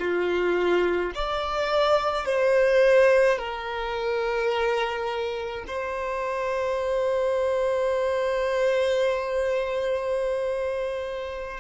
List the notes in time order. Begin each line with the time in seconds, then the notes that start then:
0.00 F4
1.15 D5
2.26 C5
3.39 A#4
5.68 C5